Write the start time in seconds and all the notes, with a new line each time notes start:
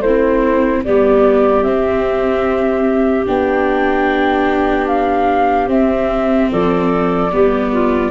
0.00 A3 E4 C5
0.07 C4
0.85 G3 B3 G4 D5
1.64 C4 E5
3.27 B3 D4 G5
4.88 F5
5.67 C4 E5
6.51 F3 A4 D5
7.32 G3 B3 G4
7.73 F4